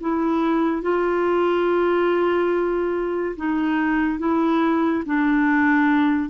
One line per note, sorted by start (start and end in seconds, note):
0.00 0.82 E4
0.82 3.35 F4
3.36 4.19 D#4
4.19 5.03 E4
5.06 6.29 D4